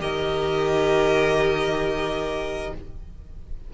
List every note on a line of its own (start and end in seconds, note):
0.00 2.73 D#3
0.00 2.73 G4
0.00 2.74 A#4
0.00 2.74 D#5